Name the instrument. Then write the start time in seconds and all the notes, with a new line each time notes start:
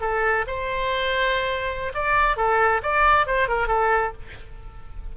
oboe
0.00 A4
0.47 C5
1.94 D5
2.36 A4
2.82 D5
3.26 C5
3.48 A#4
3.67 A4